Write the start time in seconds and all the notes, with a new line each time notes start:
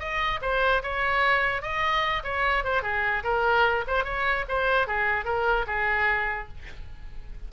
0.00 D#5
0.42 C5
0.83 C#5
1.63 D#5
2.24 C#5
2.64 C5
2.83 G#4
3.24 A#4
3.88 C5
4.04 C#5
4.49 C5
4.88 G#4
5.25 A#4
5.67 G#4